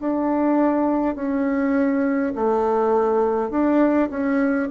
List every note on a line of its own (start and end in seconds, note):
0.00 1.15 D4
1.15 2.33 C#4
2.35 3.50 A3
3.50 4.09 D4
4.10 4.68 C#4